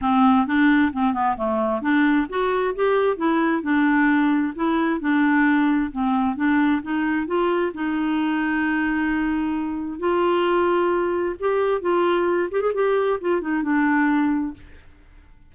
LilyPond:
\new Staff \with { instrumentName = "clarinet" } { \time 4/4 \tempo 4 = 132 c'4 d'4 c'8 b8 a4 | d'4 fis'4 g'4 e'4 | d'2 e'4 d'4~ | d'4 c'4 d'4 dis'4 |
f'4 dis'2.~ | dis'2 f'2~ | f'4 g'4 f'4. g'16 gis'16 | g'4 f'8 dis'8 d'2 | }